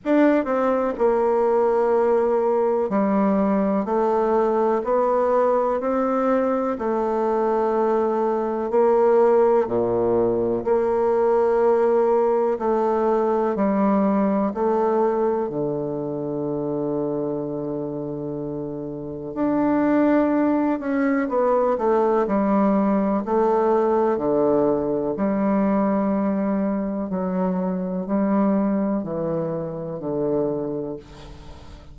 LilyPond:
\new Staff \with { instrumentName = "bassoon" } { \time 4/4 \tempo 4 = 62 d'8 c'8 ais2 g4 | a4 b4 c'4 a4~ | a4 ais4 ais,4 ais4~ | ais4 a4 g4 a4 |
d1 | d'4. cis'8 b8 a8 g4 | a4 d4 g2 | fis4 g4 e4 d4 | }